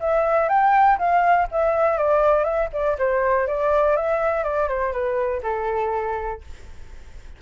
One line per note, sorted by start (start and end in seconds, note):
0.00 0.49 E5
0.49 0.98 G5
0.99 1.48 F5
1.52 1.98 E5
1.98 2.44 D5
2.44 2.69 E5
2.73 2.98 D5
2.99 3.48 C5
3.48 3.97 D5
3.97 4.44 E5
4.44 4.68 D5
4.68 4.92 C5
4.92 5.42 B4
5.43 6.42 A4